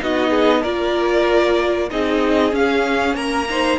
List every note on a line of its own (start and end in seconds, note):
0.00 0.65 B3
0.00 0.63 D#4
0.00 0.30 F#4
0.00 0.63 D#5
0.30 0.61 G#4
0.61 1.91 A#3
0.61 1.90 F4
0.61 1.87 A#4
0.61 1.90 D5
1.91 2.53 C4
1.91 2.52 D#4
1.91 3.17 G#4
1.91 2.54 D#5
2.52 3.47 C#4
2.52 3.15 C#4
2.52 3.16 F5
3.15 3.78 A#3
3.15 3.48 A#4
3.15 3.79 A#5
3.50 3.79 D#4
3.50 3.79 C5